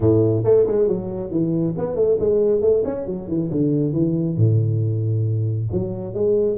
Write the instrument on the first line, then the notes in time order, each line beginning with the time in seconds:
tuba
0.00 A2
0.44 A3
0.66 G#3
0.88 F#3
1.30 E3
1.77 B3
1.95 A3
2.19 G#3
2.61 A3
2.84 C#4
3.06 F#3
3.27 E3
3.51 D3
3.93 E3
4.37 A2
5.72 F#3
6.14 G#3